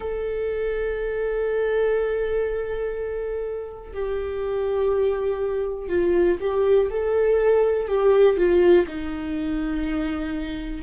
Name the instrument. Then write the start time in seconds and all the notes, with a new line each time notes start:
viola
0.00 A4
3.93 G4
5.88 F4
6.40 G4
6.90 A4
7.88 G4
8.37 F4
8.87 D#4